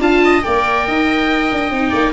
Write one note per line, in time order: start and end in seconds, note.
0.00 0.43 D4
0.00 0.43 F4
0.00 0.24 F5
0.00 0.43 A5
0.24 0.45 D#5
0.43 0.88 A#3
0.43 1.71 A#4
0.43 0.87 D5
0.43 2.13 G5
0.87 1.52 D#4
0.87 1.90 D#5
1.52 1.70 D4
1.70 1.92 C4
1.70 2.14 D#4
1.90 2.14 A#3
1.90 2.11 D5